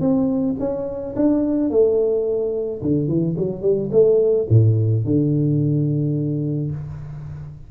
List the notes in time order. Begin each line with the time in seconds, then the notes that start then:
0.00 C4
0.59 C#4
1.16 D4
1.70 A3
2.82 D3
3.07 E3
3.37 F#3
3.62 G3
3.92 A3
4.49 A2
5.04 D3